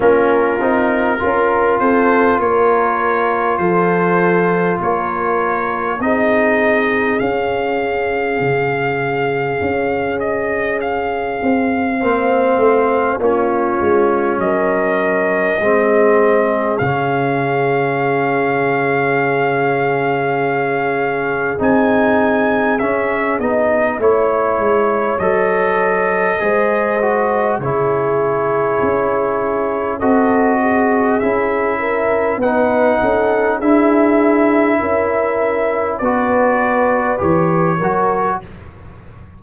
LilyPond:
<<
  \new Staff \with { instrumentName = "trumpet" } { \time 4/4 \tempo 4 = 50 ais'4. c''8 cis''4 c''4 | cis''4 dis''4 f''2~ | f''8 dis''8 f''2 cis''4 | dis''2 f''2~ |
f''2 gis''4 e''8 dis''8 | cis''4 dis''2 cis''4~ | cis''4 dis''4 e''4 fis''4 | e''2 d''4 cis''4 | }
  \new Staff \with { instrumentName = "horn" } { \time 4/4 f'4 ais'8 a'8 ais'4 a'4 | ais'4 gis'2.~ | gis'2 c''4 f'4 | ais'4 gis'2.~ |
gis'1 | cis''2 c''4 gis'4~ | gis'4 a'8 gis'4 ais'8 b'8 a'8 | gis'4 ais'4 b'4. ais'8 | }
  \new Staff \with { instrumentName = "trombone" } { \time 4/4 cis'8 dis'8 f'2.~ | f'4 dis'4 cis'2~ | cis'2 c'4 cis'4~ | cis'4 c'4 cis'2~ |
cis'2 dis'4 cis'8 dis'8 | e'4 a'4 gis'8 fis'8 e'4~ | e'4 fis'4 e'4 dis'4 | e'2 fis'4 g'8 fis'8 | }
  \new Staff \with { instrumentName = "tuba" } { \time 4/4 ais8 c'8 cis'8 c'8 ais4 f4 | ais4 c'4 cis'4 cis4 | cis'4. c'8 ais8 a8 ais8 gis8 | fis4 gis4 cis2~ |
cis2 c'4 cis'8 b8 | a8 gis8 fis4 gis4 cis4 | cis'4 c'4 cis'4 b8 cis'8 | d'4 cis'4 b4 e8 fis8 | }
>>